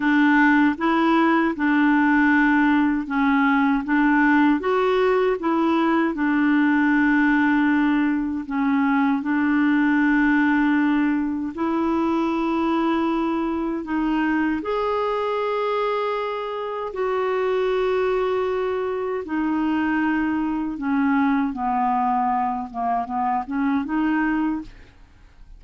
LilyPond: \new Staff \with { instrumentName = "clarinet" } { \time 4/4 \tempo 4 = 78 d'4 e'4 d'2 | cis'4 d'4 fis'4 e'4 | d'2. cis'4 | d'2. e'4~ |
e'2 dis'4 gis'4~ | gis'2 fis'2~ | fis'4 dis'2 cis'4 | b4. ais8 b8 cis'8 dis'4 | }